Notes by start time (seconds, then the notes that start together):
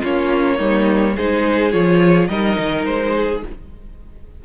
0.00 A#3 C#4 F4 C#5
0.57 G3 A#3 D#4
1.15 G#3 D#4 G#4 C5
1.71 F3 F4 C#5
2.27 G3 D#4 A#4 D#5
2.58 D#3
2.85 G#3 C5
3.16 G#4